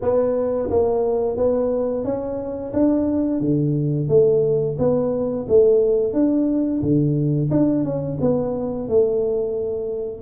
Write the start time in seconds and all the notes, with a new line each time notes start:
0.01 B3
0.70 A#3
1.36 B3
2.04 C#4
2.73 D4
3.40 D3
4.08 A3
4.78 B3
5.48 A3
6.13 D4
6.82 D3
7.51 D4
7.84 C#4
8.21 B3
8.88 A3